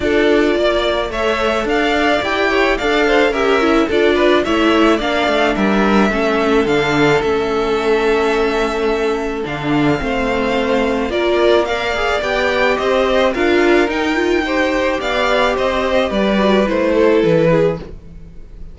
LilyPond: <<
  \new Staff \with { instrumentName = "violin" } { \time 4/4 \tempo 4 = 108 d''2 e''4 f''4 | g''4 f''4 e''4 d''4 | e''4 f''4 e''2 | f''4 e''2.~ |
e''4 f''2. | d''4 f''4 g''4 dis''4 | f''4 g''2 f''4 | dis''4 d''4 c''4 b'4 | }
  \new Staff \with { instrumentName = "violin" } { \time 4/4 a'4 d''4 cis''4 d''4~ | d''8 cis''8 d''8 c''8 ais'4 a'8 b'8 | cis''4 d''4 ais'4 a'4~ | a'1~ |
a'2 c''2 | ais'4 d''2 c''4 | ais'2 c''4 d''4 | c''4 b'4. a'4 gis'8 | }
  \new Staff \with { instrumentName = "viola" } { \time 4/4 f'2 a'2 | g'4 a'4 g'8 e'8 f'4 | e'4 d'2 cis'4 | d'4 cis'2.~ |
cis'4 d'4 c'2 | f'4 ais'8 gis'8 g'2 | f'4 dis'8 f'8 g'2~ | g'4. fis'8 e'2 | }
  \new Staff \with { instrumentName = "cello" } { \time 4/4 d'4 ais4 a4 d'4 | e'4 d'4 cis'4 d'4 | a4 ais8 a8 g4 a4 | d4 a2.~ |
a4 d4 a2 | ais2 b4 c'4 | d'4 dis'2 b4 | c'4 g4 a4 e4 | }
>>